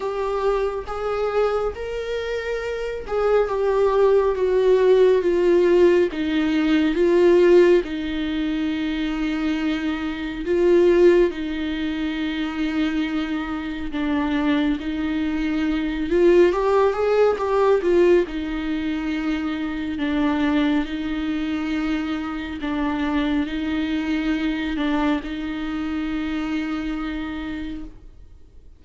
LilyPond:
\new Staff \with { instrumentName = "viola" } { \time 4/4 \tempo 4 = 69 g'4 gis'4 ais'4. gis'8 | g'4 fis'4 f'4 dis'4 | f'4 dis'2. | f'4 dis'2. |
d'4 dis'4. f'8 g'8 gis'8 | g'8 f'8 dis'2 d'4 | dis'2 d'4 dis'4~ | dis'8 d'8 dis'2. | }